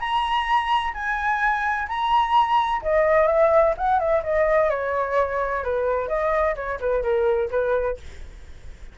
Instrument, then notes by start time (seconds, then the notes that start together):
flute
0.00 A#5
0.94 G#5
1.88 A#5
2.83 D#5
3.27 E5
3.78 F#5
3.99 E5
4.24 D#5
4.70 C#5
5.64 B4
6.08 D#5
6.56 C#5
6.80 B4
7.03 A#4
7.51 B4